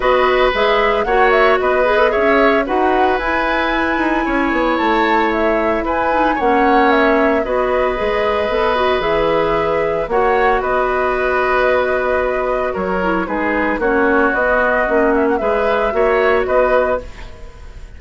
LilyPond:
<<
  \new Staff \with { instrumentName = "flute" } { \time 4/4 \tempo 4 = 113 dis''4 e''4 fis''8 e''8 dis''4 | e''4 fis''4 gis''2~ | gis''4 a''4 e''4 gis''4 | fis''4 e''4 dis''2~ |
dis''4 e''2 fis''4 | dis''1 | cis''4 b'4 cis''4 dis''4~ | dis''8 e''16 fis''16 e''2 dis''4 | }
  \new Staff \with { instrumentName = "oboe" } { \time 4/4 b'2 cis''4 b'4 | cis''4 b'2. | cis''2. b'4 | cis''2 b'2~ |
b'2. cis''4 | b'1 | ais'4 gis'4 fis'2~ | fis'4 b'4 cis''4 b'4 | }
  \new Staff \with { instrumentName = "clarinet" } { \time 4/4 fis'4 gis'4 fis'4. gis'16 a'16 | gis'4 fis'4 e'2~ | e'2.~ e'8 dis'8 | cis'2 fis'4 gis'4 |
a'8 fis'8 gis'2 fis'4~ | fis'1~ | fis'8 e'8 dis'4 cis'4 b4 | cis'4 gis'4 fis'2 | }
  \new Staff \with { instrumentName = "bassoon" } { \time 4/4 b4 gis4 ais4 b4 | cis'4 dis'4 e'4. dis'8 | cis'8 b8 a2 e'4 | ais2 b4 gis4 |
b4 e2 ais4 | b1 | fis4 gis4 ais4 b4 | ais4 gis4 ais4 b4 | }
>>